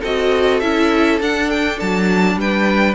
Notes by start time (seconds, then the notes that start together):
0.00 C4 F#4 A4 D#5
0.60 C#4 E4 E5
1.20 D4 F#5
1.50 G5
1.80 F#3 A5
2.35 G3 B4 G5